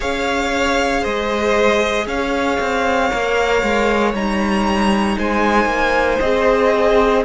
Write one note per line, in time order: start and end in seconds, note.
0.00 1.05 C#4
0.00 3.10 G#4
0.00 1.01 C#5
0.00 1.03 F5
1.01 2.06 G#3
1.01 2.05 C5
1.01 2.07 D#5
2.06 2.58 C#4
2.06 5.18 C#5
2.06 4.14 F5
2.59 3.11 C4
3.10 3.62 A#3
3.10 4.13 A#4
3.62 4.13 G#3
4.13 5.17 G3
4.13 6.22 D#4
4.13 5.18 A#5
5.17 5.65 G#3
5.17 7.25 C5
5.17 6.19 G#5
5.65 6.17 A#3
6.19 7.25 C4
6.19 7.25 G#4
6.19 7.23 D#5